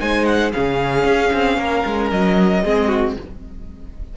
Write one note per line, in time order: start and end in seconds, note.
0.00 0.54 G#3
0.00 0.53 D#4
0.00 0.54 C5
0.00 0.25 G#5
0.25 0.52 F#5
0.53 1.04 C#3
0.53 2.64 C#4
0.53 1.59 G#4
0.53 2.11 F5
1.04 1.31 C#4
1.33 1.58 C4
1.58 1.84 A#3
1.58 2.64 A#4
1.86 2.12 G#3
2.11 2.64 F#3
2.11 3.16 D#5
2.64 3.17 G#3
2.64 3.17 C4
2.64 2.88 G#4
2.88 3.14 F#4